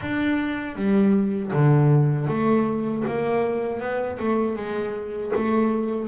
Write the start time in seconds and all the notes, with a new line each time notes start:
0.01 D4
0.75 G3
1.52 D3
2.28 A3
3.07 A#3
3.80 B3
4.19 A3
4.56 G#3
5.35 A3